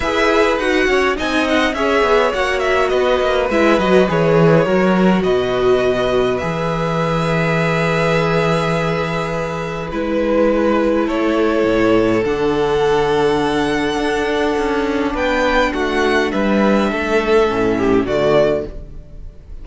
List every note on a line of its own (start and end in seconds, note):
0.00 0.57 E4
0.00 0.60 G#4
0.00 0.87 B4
0.00 0.57 E5
0.57 0.86 D#4
0.57 1.15 F#4
0.57 1.16 F#5
0.87 1.16 C#4
0.87 1.16 C#5
1.15 1.73 C4
1.15 1.73 D#4
1.15 1.75 D#5
1.15 1.48 G#5
1.48 1.74 F#5
1.73 2.02 C#4
1.73 2.32 G#4
1.73 2.90 C#5
1.73 2.32 E5
2.02 2.31 B3
2.32 2.92 A#3
2.32 3.49 F#4
2.32 2.59 F#5
2.59 2.88 E5
2.88 3.20 B3
2.88 4.64 B4
2.88 3.46 D#5
3.20 3.49 A#3
3.49 3.78 G#3
3.49 3.80 E4
3.49 3.79 E5
3.78 4.07 F#3
3.78 4.08 F#4
3.78 4.08 D#5
4.08 4.66 E3
4.08 4.66 G#4
4.08 5.23 C#5
4.64 5.24 F#3
4.64 6.41 F#4
4.64 5.22 A#4
5.23 6.41 B2
5.23 11.05 B4
5.23 6.37 D#5
6.37 9.92 E3
6.37 9.90 G#4
6.37 9.87 E5
9.91 11.08 G#3
9.91 12.24 E4
9.91 11.07 B4
11.05 11.64 A3
11.05 15.13 A4
11.05 12.24 C#5
11.64 12.22 A2
12.24 13.97 D3
12.24 17.48 D4
12.24 15.15 F#5
13.97 14.55 D4
14.57 15.14 C#4
15.13 15.72 B3
15.13 15.72 B4
15.13 15.73 G5
15.73 16.32 A3
15.73 16.32 F#4
15.73 16.31 F#5
16.31 16.92 G3
16.31 16.90 B4
16.31 18.06 E5
16.91 17.50 A3
16.91 17.77 A4
17.48 18.05 A2
17.48 18.06 C#4
17.77 18.06 G4
18.05 18.63 D3
18.05 18.67 A3
18.05 18.64 F#4
18.05 18.65 D5